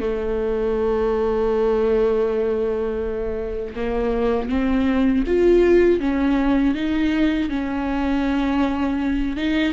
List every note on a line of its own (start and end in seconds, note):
0.00 3.75 A3
3.76 4.49 A#3
4.49 5.24 C4
5.27 6.00 F4
6.00 6.75 C#4
6.75 7.50 D#4
7.50 9.37 C#4
9.37 9.73 D#4